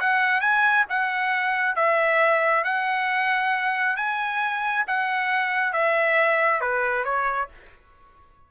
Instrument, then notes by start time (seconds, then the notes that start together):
trumpet
0.00 F#5
0.41 G#5
0.89 F#5
1.76 E5
2.64 F#5
3.97 G#5
4.87 F#5
5.73 E5
6.61 B4
7.04 C#5